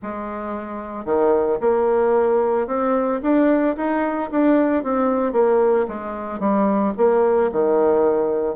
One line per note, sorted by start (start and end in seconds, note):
0.02 1.05 G#3
1.05 1.58 D#3
1.60 2.67 A#3
2.67 3.20 C4
3.22 3.75 D4
3.76 4.30 D#4
4.31 4.83 D4
4.83 5.32 C4
5.32 5.86 A#3
5.88 6.39 G#3
6.39 6.93 G3
6.97 7.50 A#3
7.52 8.55 D#3